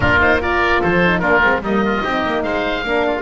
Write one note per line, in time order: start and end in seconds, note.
0.00 0.81 A#3
0.00 0.19 D4
0.00 0.39 F4
0.00 0.19 A#4
0.19 0.40 D#4
0.19 0.41 C5
0.40 1.01 F4
0.40 0.81 A#4
0.40 0.82 D5
0.81 1.22 F3
0.81 1.20 A4
0.81 1.19 C5
1.05 1.21 D#4
1.19 1.42 A#3
1.19 1.42 D4
1.19 1.61 F4
1.19 1.59 A#4
1.42 1.61 G#3
1.42 1.62 C4
1.61 2.01 G3
1.61 2.02 A#3
1.61 1.83 D#4
1.61 2.42 D#5
1.85 2.02 F4
2.02 2.24 C4
2.02 2.83 D#4
2.02 2.43 G4
2.26 2.44 A#3
2.42 2.83 G#3
2.42 2.85 C5
2.42 3.22 F5
2.83 3.22 A#3
2.83 3.22 D4
2.83 3.06 A#4
3.06 3.22 F4